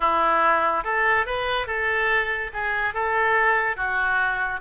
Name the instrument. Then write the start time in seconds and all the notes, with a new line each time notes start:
oboe
0.00 E4
0.84 A4
1.26 B4
1.66 A4
2.53 G#4
2.94 A4
3.76 F#4